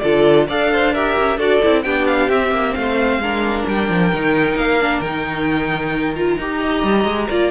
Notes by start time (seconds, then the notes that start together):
0.00 D3 F4 A4 D5
0.48 D4 A4 D5 F5
0.73 C5
0.94 G4 A#4 E5
1.19 C#4
1.37 D4 F#4 A4 D5
1.63 C4 E4
1.83 B3 D4 G4 G5
2.07 F5
2.30 C4 E5
2.52 A#3
2.75 A3 C5 F5
3.19 G#3 D4 A#4
3.67 G3 G5
3.89 F3
4.13 D#3 D#4
4.56 A#3 F5
4.81 D4
5.01 D#3 D#4 G5
6.16 F4 A#5
6.39 D#4 G4
6.60 D#5
6.84 G3
7.05 G#3
7.30 A#3 F4 D5